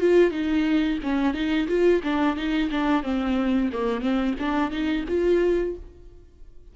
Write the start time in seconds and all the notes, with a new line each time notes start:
0.00 F4
0.31 D#4
1.03 C#4
1.34 D#4
1.68 F4
2.03 D4
2.36 D#4
2.71 D4
3.03 C4
3.72 A#3
4.01 C4
4.39 D4
4.71 D#4
5.08 F4